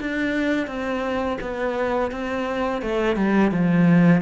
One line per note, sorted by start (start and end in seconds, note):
0.00 0.67 D4
0.67 1.38 C4
1.41 2.11 B3
2.11 2.82 C4
2.82 3.16 A3
3.16 3.51 G3
3.51 4.22 F3